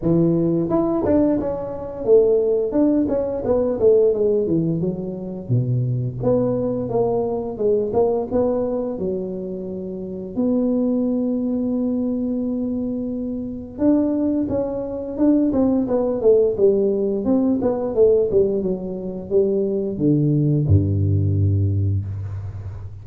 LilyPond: \new Staff \with { instrumentName = "tuba" } { \time 4/4 \tempo 4 = 87 e4 e'8 d'8 cis'4 a4 | d'8 cis'8 b8 a8 gis8 e8 fis4 | b,4 b4 ais4 gis8 ais8 | b4 fis2 b4~ |
b1 | d'4 cis'4 d'8 c'8 b8 a8 | g4 c'8 b8 a8 g8 fis4 | g4 d4 g,2 | }